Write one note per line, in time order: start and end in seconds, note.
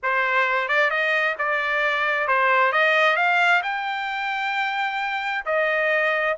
0.02 0.68 C5
0.68 0.90 D5
0.90 1.35 D#5
1.38 2.27 D5
2.27 2.72 C5
2.72 3.16 D#5
3.16 3.61 F5
3.62 5.44 G5
5.45 6.36 D#5